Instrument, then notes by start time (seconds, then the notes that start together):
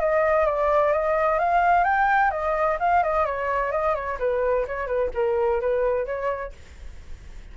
flute
0.00 D#5
0.46 D5
0.92 D#5
1.39 F5
1.84 G5
2.31 D#5
2.80 F5
3.03 D#5
3.26 C#5
3.72 D#5
3.95 C#5
4.19 B4
4.67 C#5
4.87 B4
5.14 A#4
5.61 B4
6.06 C#5